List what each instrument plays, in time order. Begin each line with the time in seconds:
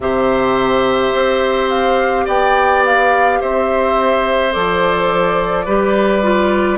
0.00 bassoon C3, clarinet G4, oboe C5, flute E5
1.13 bassoon C4
1.69 flute F5
2.25 bassoon B3, oboe D5, flute G5
2.85 flute F5
3.41 bassoon C4, oboe C5, flute E5
4.52 bassoon F3, clarinet A4, flute D5
5.65 bassoon G3, clarinet G4, oboe B4
6.22 clarinet F4